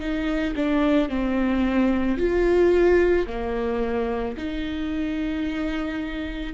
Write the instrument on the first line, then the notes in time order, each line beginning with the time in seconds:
viola
0.00 D#4
0.56 D4
1.09 C4
2.18 F4
3.27 A#3
4.38 D#4